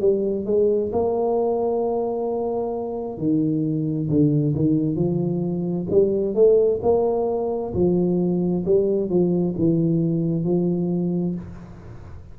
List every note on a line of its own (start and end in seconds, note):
0.00 0.45 G3
0.45 0.91 G#3
0.92 3.18 A#3
3.18 4.09 D#3
4.09 4.55 D3
4.55 4.95 D#3
4.95 5.86 F3
5.90 6.34 G3
6.34 6.80 A3
6.82 7.73 A#3
7.74 8.64 F3
8.65 9.09 G3
9.09 9.55 F3
9.57 10.44 E3
10.44 11.35 F3